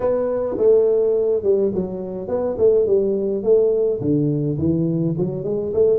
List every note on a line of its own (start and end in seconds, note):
0.00 0.57 B3
0.57 1.43 A3
1.43 1.71 G3
1.74 2.28 F#3
2.28 2.56 B3
2.58 2.86 A3
2.86 3.43 G3
3.43 4.00 A3
4.00 4.57 D3
4.58 5.15 E3
5.17 5.44 F#3
5.44 5.72 G#3
5.73 5.99 A3